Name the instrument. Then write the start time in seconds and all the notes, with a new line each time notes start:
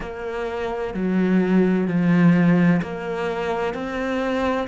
cello
0.00 A#3
0.94 F#3
1.87 F3
2.82 A#3
3.73 C4